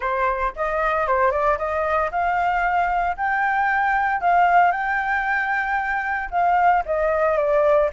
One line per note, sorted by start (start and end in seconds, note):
0.00 0.53 C5
0.56 1.07 D#5
1.07 1.31 C5
1.31 1.57 D5
1.58 2.10 D#5
2.11 3.16 F5
3.17 4.20 G5
4.20 4.71 F5
4.71 6.29 G5
6.30 6.83 F5
6.85 7.37 D#5
7.37 7.89 D5